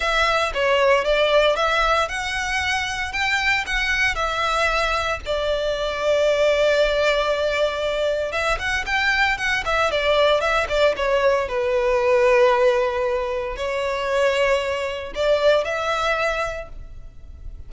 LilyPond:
\new Staff \with { instrumentName = "violin" } { \time 4/4 \tempo 4 = 115 e''4 cis''4 d''4 e''4 | fis''2 g''4 fis''4 | e''2 d''2~ | d''1 |
e''8 fis''8 g''4 fis''8 e''8 d''4 | e''8 d''8 cis''4 b'2~ | b'2 cis''2~ | cis''4 d''4 e''2 | }